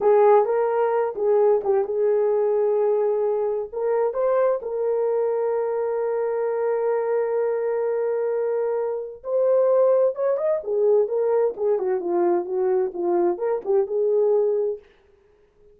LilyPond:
\new Staff \with { instrumentName = "horn" } { \time 4/4 \tempo 4 = 130 gis'4 ais'4. gis'4 g'8 | gis'1 | ais'4 c''4 ais'2~ | ais'1~ |
ais'1 | c''2 cis''8 dis''8 gis'4 | ais'4 gis'8 fis'8 f'4 fis'4 | f'4 ais'8 g'8 gis'2 | }